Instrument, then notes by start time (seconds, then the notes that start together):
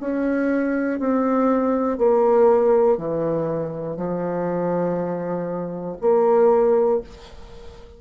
bassoon
0.00 C#4
0.99 C4
1.98 A#3
2.97 E3
3.96 F3
6.01 A#3